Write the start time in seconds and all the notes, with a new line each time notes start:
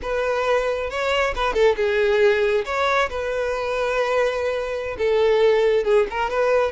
0.02 B4
0.90 C#5
1.35 B4
1.53 A4
1.76 G#4
2.65 C#5
3.09 B4
4.98 A4
5.84 G#4
6.10 A#4
6.29 B4